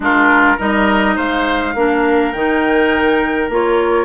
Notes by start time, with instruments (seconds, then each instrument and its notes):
0.00 bassoon G#3, clarinet D4, oboe F4, flute A#4
0.57 bassoon G3, clarinet D#4, oboe A#4, flute D#5
1.15 bassoon G#3, oboe C5, flute F5
1.74 bassoon A#3, clarinet D4, oboe A#4
2.32 bassoon D#3, clarinet D#4, flute G5
3.48 bassoon A#3, clarinet F4, flute C#5